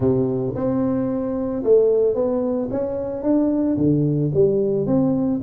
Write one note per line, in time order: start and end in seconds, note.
0.00 0.54 C3
0.55 1.63 C4
1.63 2.14 A3
2.14 2.69 B3
2.70 3.22 C#4
3.22 3.76 D4
3.77 4.31 D3
4.33 4.86 G3
4.86 5.40 C4